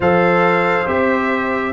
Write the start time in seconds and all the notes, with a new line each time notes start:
0.00 F3 A4 C5 F5
0.86 C4 G4 E5